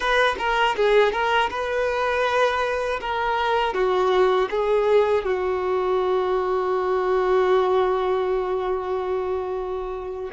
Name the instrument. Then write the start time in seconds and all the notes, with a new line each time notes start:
violin
0.00 B4
0.38 A#4
0.76 G#4
1.12 A#4
1.50 B4
3.00 A#4
3.73 F#4
4.50 G#4
5.24 F#4